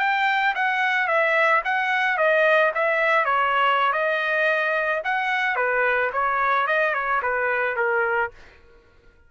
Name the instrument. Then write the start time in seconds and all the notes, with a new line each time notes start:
trumpet
0.00 G5
0.55 F#5
1.08 E5
1.65 F#5
2.18 D#5
2.75 E5
3.26 C#5
3.93 D#5
5.05 F#5
5.56 B4
6.13 C#5
6.67 D#5
6.94 C#5
7.22 B4
7.77 A#4